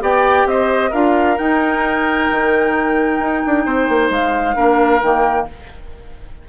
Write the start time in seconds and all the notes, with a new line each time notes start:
0.00 B3 G4 D5 G5
0.45 C4 C5 D#5
0.90 D4 F4 A#4 F5
1.37 D#4 G5
2.30 D#3
3.19 D#4
3.46 D4
3.65 C4 C5
3.89 A#3
4.10 G#3 F5
4.55 A#3 D4 A#4
5.02 D#3 A#3 G5